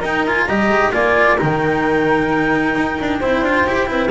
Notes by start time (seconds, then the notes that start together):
0.00 D#4 A#4 G5
0.27 F4 G#5
0.46 G3 G4 D#5 A#5
0.69 G#3
0.92 A#3 F4 D5 G#5
1.38 D#3 D#4 A#4 G5
2.76 D#4
3.01 D4
3.20 C4 E4 C5
3.42 D4 F4
3.67 E4 G4
3.87 C4 E4 B4